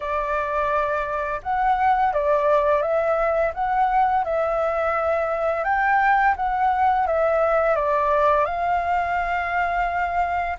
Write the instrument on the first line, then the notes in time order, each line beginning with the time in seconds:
flute
0.00 D5
1.42 F#5
2.13 D5
2.81 E5
3.54 F#5
4.24 E5
5.64 G5
6.36 F#5
7.06 E5
7.75 D5
8.45 F5